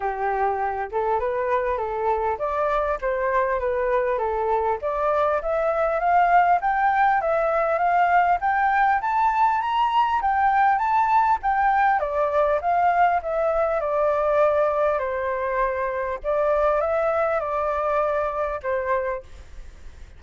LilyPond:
\new Staff \with { instrumentName = "flute" } { \time 4/4 \tempo 4 = 100 g'4. a'8 b'4 a'4 | d''4 c''4 b'4 a'4 | d''4 e''4 f''4 g''4 | e''4 f''4 g''4 a''4 |
ais''4 g''4 a''4 g''4 | d''4 f''4 e''4 d''4~ | d''4 c''2 d''4 | e''4 d''2 c''4 | }